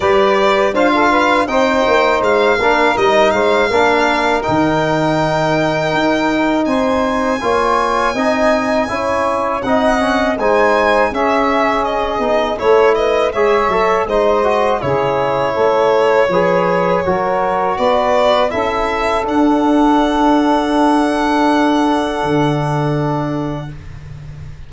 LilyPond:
<<
  \new Staff \with { instrumentName = "violin" } { \time 4/4 \tempo 4 = 81 d''4 f''4 g''4 f''4 | dis''8 f''4. g''2~ | g''4 gis''2.~ | gis''4 fis''4 gis''4 e''4 |
dis''4 cis''8 dis''8 e''4 dis''4 | cis''1 | d''4 e''4 fis''2~ | fis''1 | }
  \new Staff \with { instrumentName = "saxophone" } { \time 4/4 b'4 c''16 a'16 b'8 c''4. ais'8~ | ais'8 c''8 ais'2.~ | ais'4 c''4 cis''4 dis''4 | cis''4 dis''4 c''4 gis'4~ |
gis'4 a'8 b'8 cis''4 c''4 | gis'4 a'4 b'4 ais'4 | b'4 a'2.~ | a'1 | }
  \new Staff \with { instrumentName = "trombone" } { \time 4/4 g'4 f'4 dis'4. d'8 | dis'4 d'4 dis'2~ | dis'2 f'4 dis'4 | e'4 dis'8 cis'8 dis'4 cis'4~ |
cis'8 dis'8 e'4 gis'8 a'8 dis'8 fis'8 | e'2 gis'4 fis'4~ | fis'4 e'4 d'2~ | d'1 | }
  \new Staff \with { instrumentName = "tuba" } { \time 4/4 g4 d'4 c'8 ais8 gis8 ais8 | g8 gis8 ais4 dis2 | dis'4 c'4 ais4 c'4 | cis'4 c'4 gis4 cis'4~ |
cis'8 b8 a4 gis8 fis8 gis4 | cis4 a4 f4 fis4 | b4 cis'4 d'2~ | d'2 d2 | }
>>